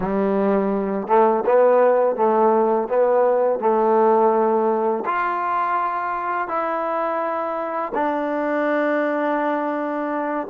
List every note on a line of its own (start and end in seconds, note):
0.00 1.07 G3
1.07 1.44 A3
1.46 2.16 B3
2.16 2.88 A3
2.88 3.59 B3
3.59 5.04 A3
5.05 6.47 F4
6.47 7.92 E4
7.94 10.47 D4